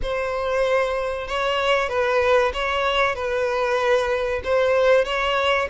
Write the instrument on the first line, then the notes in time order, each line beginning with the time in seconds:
violin
0.02 C5
1.27 C#5
1.88 B4
2.53 C#5
3.15 B4
4.44 C5
5.04 C#5